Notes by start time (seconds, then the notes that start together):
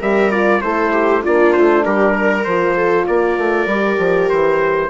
0.00 G3 G4 A#4 E5
0.31 F4 D5
0.61 A3 E4 A4 C5
0.92 G4
1.22 A#3 D4 F4 D5
1.53 A3 C5
1.85 G3 G4 A#4
2.14 A#4
2.44 F3 F4 C5
2.76 A4
3.07 A#3 A#4 D5
3.38 A3
3.66 G3 G4
3.98 F3
4.30 E3 C5